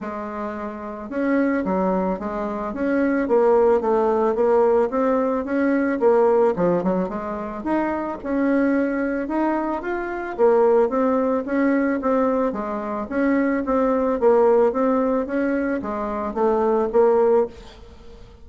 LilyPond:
\new Staff \with { instrumentName = "bassoon" } { \time 4/4 \tempo 4 = 110 gis2 cis'4 fis4 | gis4 cis'4 ais4 a4 | ais4 c'4 cis'4 ais4 | f8 fis8 gis4 dis'4 cis'4~ |
cis'4 dis'4 f'4 ais4 | c'4 cis'4 c'4 gis4 | cis'4 c'4 ais4 c'4 | cis'4 gis4 a4 ais4 | }